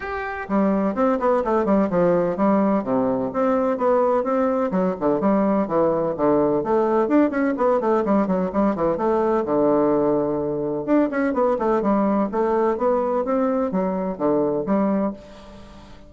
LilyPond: \new Staff \with { instrumentName = "bassoon" } { \time 4/4 \tempo 4 = 127 g'4 g4 c'8 b8 a8 g8 | f4 g4 c4 c'4 | b4 c'4 fis8 d8 g4 | e4 d4 a4 d'8 cis'8 |
b8 a8 g8 fis8 g8 e8 a4 | d2. d'8 cis'8 | b8 a8 g4 a4 b4 | c'4 fis4 d4 g4 | }